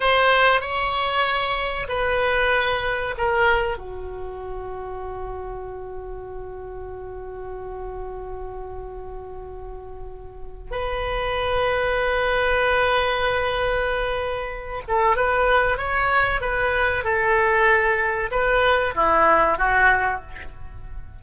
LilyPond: \new Staff \with { instrumentName = "oboe" } { \time 4/4 \tempo 4 = 95 c''4 cis''2 b'4~ | b'4 ais'4 fis'2~ | fis'1~ | fis'1~ |
fis'4 b'2.~ | b'2.~ b'8 a'8 | b'4 cis''4 b'4 a'4~ | a'4 b'4 e'4 fis'4 | }